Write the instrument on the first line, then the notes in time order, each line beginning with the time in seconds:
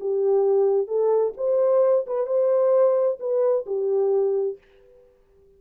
horn
0.00 G4
0.87 A4
1.37 C5
2.06 B4
2.26 C5
3.19 B4
3.66 G4